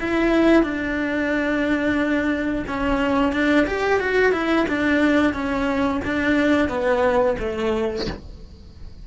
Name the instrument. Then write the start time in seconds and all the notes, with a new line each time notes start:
cello
0.00 E4
0.63 D4
2.67 C#4
3.32 D4
3.66 G4
3.99 F#4
4.32 E4
4.69 D4
5.33 C#4
6.04 D4
6.68 B3
7.39 A3